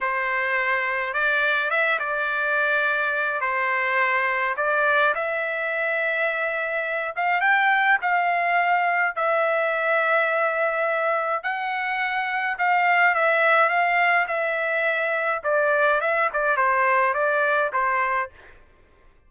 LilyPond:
\new Staff \with { instrumentName = "trumpet" } { \time 4/4 \tempo 4 = 105 c''2 d''4 e''8 d''8~ | d''2 c''2 | d''4 e''2.~ | e''8 f''8 g''4 f''2 |
e''1 | fis''2 f''4 e''4 | f''4 e''2 d''4 | e''8 d''8 c''4 d''4 c''4 | }